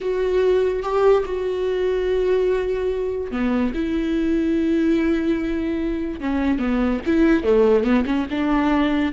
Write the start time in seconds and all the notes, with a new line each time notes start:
0.00 F#4
0.82 G4
1.25 F#4
3.31 B3
3.74 E4
6.20 C#4
6.58 B3
7.06 E4
7.43 A3
7.84 B3
8.06 C#4
8.30 D4